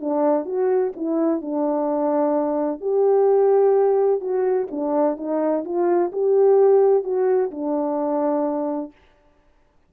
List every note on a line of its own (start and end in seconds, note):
0.00 0.45 D4
0.45 0.92 F#4
0.96 1.41 E4
1.41 2.80 D4
2.80 4.20 G4
4.20 4.67 F#4
4.71 5.17 D4
5.17 5.64 D#4
5.64 6.11 F4
6.12 7.03 G4
7.03 7.50 F#4
7.51 8.91 D4